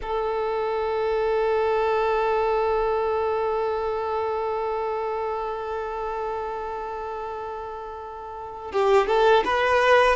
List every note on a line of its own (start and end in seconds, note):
0.02 8.72 A4
8.72 9.06 G4
9.06 9.43 A4
9.44 10.15 B4